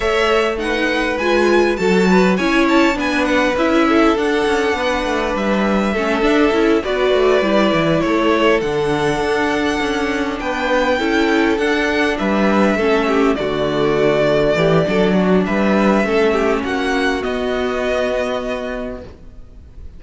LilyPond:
<<
  \new Staff \with { instrumentName = "violin" } { \time 4/4 \tempo 4 = 101 e''4 fis''4 gis''4 a''4 | gis''8 a''8 gis''8 fis''8 e''4 fis''4~ | fis''4 e''2~ e''8 d''8~ | d''4. cis''4 fis''4.~ |
fis''4. g''2 fis''8~ | fis''8 e''2 d''4.~ | d''2 e''2 | fis''4 dis''2. | }
  \new Staff \with { instrumentName = "violin" } { \time 4/4 cis''4 b'2 a'8 b'8 | cis''4 b'4. a'4. | b'2 a'4. b'8~ | b'4. a'2~ a'8~ |
a'4. b'4 a'4.~ | a'8 b'4 a'8 g'8 fis'4.~ | fis'8 g'8 a'8 fis'8 b'4 a'8 g'8 | fis'1 | }
  \new Staff \with { instrumentName = "viola" } { \time 4/4 a'4 dis'4 f'4 fis'4 | e'4 d'4 e'4 d'4~ | d'2 cis'8 d'8 e'8 fis'8~ | fis'8 e'2 d'4.~ |
d'2~ d'8 e'4 d'8~ | d'4. cis'4 a4.~ | a4 d'2 cis'4~ | cis'4 b2. | }
  \new Staff \with { instrumentName = "cello" } { \time 4/4 a2 gis4 fis4 | cis'4 b4 cis'4 d'8 cis'8 | b8 a8 g4 a8 d'8 cis'8 b8 | a8 g8 e8 a4 d4 d'8~ |
d'8 cis'4 b4 cis'4 d'8~ | d'8 g4 a4 d4.~ | d8 e8 fis4 g4 a4 | ais4 b2. | }
>>